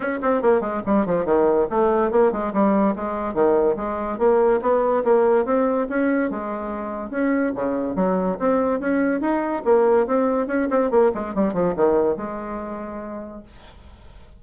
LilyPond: \new Staff \with { instrumentName = "bassoon" } { \time 4/4 \tempo 4 = 143 cis'8 c'8 ais8 gis8 g8 f8 dis4 | a4 ais8 gis8 g4 gis4 | dis4 gis4 ais4 b4 | ais4 c'4 cis'4 gis4~ |
gis4 cis'4 cis4 fis4 | c'4 cis'4 dis'4 ais4 | c'4 cis'8 c'8 ais8 gis8 g8 f8 | dis4 gis2. | }